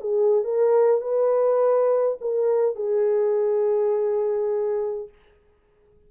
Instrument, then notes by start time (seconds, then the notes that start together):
horn
0.00 G#4
0.44 A#4
1.01 B4
2.21 A#4
2.75 G#4